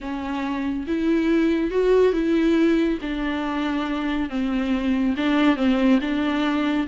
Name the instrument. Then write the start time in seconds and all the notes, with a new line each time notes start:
viola
0.00 C#4
0.87 E4
1.70 F#4
2.13 E4
3.01 D4
4.29 C4
5.16 D4
5.56 C4
6.01 D4